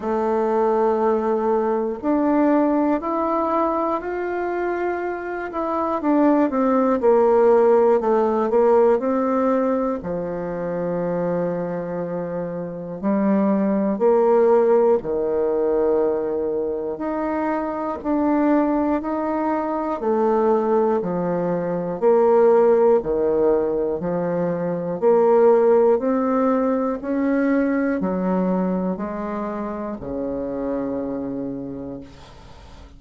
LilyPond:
\new Staff \with { instrumentName = "bassoon" } { \time 4/4 \tempo 4 = 60 a2 d'4 e'4 | f'4. e'8 d'8 c'8 ais4 | a8 ais8 c'4 f2~ | f4 g4 ais4 dis4~ |
dis4 dis'4 d'4 dis'4 | a4 f4 ais4 dis4 | f4 ais4 c'4 cis'4 | fis4 gis4 cis2 | }